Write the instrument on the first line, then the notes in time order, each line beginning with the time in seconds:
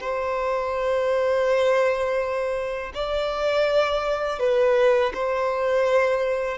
violin
0.00 C5
2.95 D5
4.40 B4
5.14 C5